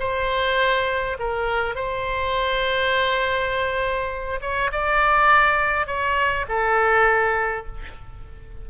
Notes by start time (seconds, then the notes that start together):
0.00 C5
1.20 A#4
1.75 C5
4.41 C#5
4.72 D5
5.87 C#5
6.49 A4